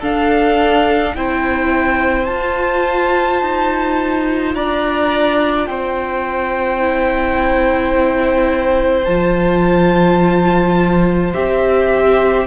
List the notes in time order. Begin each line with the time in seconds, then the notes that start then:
0.00 D4 A4 F5
1.16 C4 E4 C5 G5
2.26 F4 A5
3.42 D#4
4.55 D4 D5 A#5
5.67 C4 C5 G5
6.79 E4
9.05 F3 F4 A5
11.34 C4 G4 E5